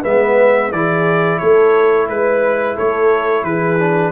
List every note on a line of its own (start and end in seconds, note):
0.00 0.71 G#3
0.00 0.72 B3
0.00 0.68 B4
0.00 0.71 E5
0.71 1.39 E3
0.71 3.79 E4
0.71 1.38 G#4
0.71 1.38 D5
1.38 2.08 A3
1.38 2.07 A4
1.38 2.06 C#5
2.08 2.76 G#3
2.08 2.75 B4
2.08 2.77 B4
2.75 3.42 A3
2.75 3.43 A4
2.75 3.43 C#5
3.42 4.11 E3
3.42 4.11 G#4
3.42 4.11 B4
3.79 4.11 D4